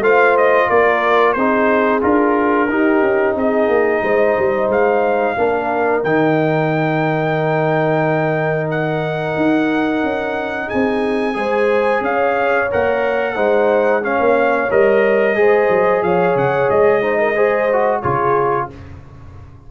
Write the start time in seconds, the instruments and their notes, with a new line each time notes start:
0.00 tuba A3, trombone F4, horn C5, trumpet F5
0.38 trumpet D#5
0.69 tuba A#3, horn A#4, trumpet D5
1.33 tuba C4, trombone D#4, horn G#4, trumpet C5
2.02 tuba D4, trombone F4, trumpet A#4
2.69 tuba D#4, trombone D#4, horn G4
3.02 tuba C#4
3.36 tuba C4, horn G#4, trumpet D#5
3.68 tuba A#3
4.03 tuba G#3, horn C5
4.39 tuba G3
4.69 tuba G#3, trumpet F5
5.38 tuba A#3, trombone D4, horn A#4
6.04 tuba D#3, trombone D#4, trumpet G5
8.71 trumpet F#5
9.37 tuba D#4
10.03 tuba C#4
10.68 horn G#4, trumpet G#5
10.74 tuba C4
11.35 tuba G#3, trombone G#4, horn C5
12.01 tuba C#4, horn C#5, trumpet F5
12.72 tuba A#3, trombone A#4, trumpet F#5
13.36 tuba G#3, trombone D#4, horn C5
14.03 trombone C#4, horn C#5, trumpet F5
14.20 tuba A#3
14.71 tuba G3, trombone A#4, trumpet D#5
15.36 tuba G#3, trombone G#4, horn C5
15.70 tuba F#3
16.03 tuba F3, horn C#5, trumpet F5
16.36 tuba C#3, trumpet F#5
16.71 tuba G#3, trumpet D#5
17.02 trombone D#4, horn C5
17.19 horn A#4
17.36 trombone G#4, horn C5
17.73 trombone F#4
18.01 tuba C#3, trombone F4, horn G#4, trumpet C#5